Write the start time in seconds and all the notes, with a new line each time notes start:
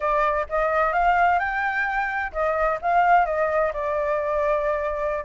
0.00 D5
0.49 D#5
0.93 F5
1.39 G5
2.32 D#5
2.81 F5
3.25 D#5
3.73 D5